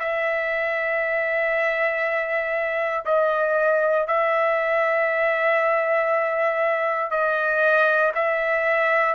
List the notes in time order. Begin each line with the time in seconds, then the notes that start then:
0.00 E5
3.06 D#5
4.07 E5
7.11 D#5
8.15 E5